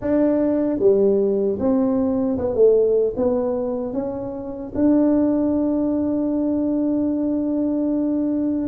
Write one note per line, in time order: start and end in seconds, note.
0.01 0.79 D4
0.79 1.58 G3
1.59 2.38 C4
2.38 2.54 B3
2.54 3.14 A3
3.16 3.93 B3
3.93 4.72 C#4
4.74 8.68 D4